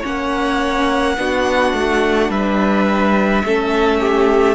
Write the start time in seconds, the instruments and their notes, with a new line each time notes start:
0.00 cello A#3, viola C#4, violin C#5 F#5
1.17 cello B3, viola D4, violin F#4
1.73 cello A3
2.29 cello G3, violin B4 E5
3.44 cello A3, viola C#4, violin A4
4.00 violin G4